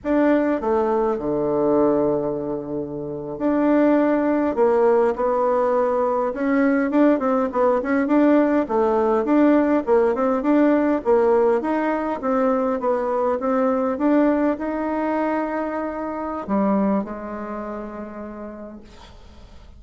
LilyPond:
\new Staff \with { instrumentName = "bassoon" } { \time 4/4 \tempo 4 = 102 d'4 a4 d2~ | d4.~ d16 d'2 ais16~ | ais8. b2 cis'4 d'16~ | d'16 c'8 b8 cis'8 d'4 a4 d'16~ |
d'8. ais8 c'8 d'4 ais4 dis'16~ | dis'8. c'4 b4 c'4 d'16~ | d'8. dis'2.~ dis'16 | g4 gis2. | }